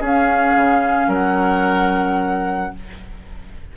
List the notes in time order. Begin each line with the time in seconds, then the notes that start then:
0.00 C#4 G#4 F5
0.56 C#3
1.07 F#3 A#4 F#5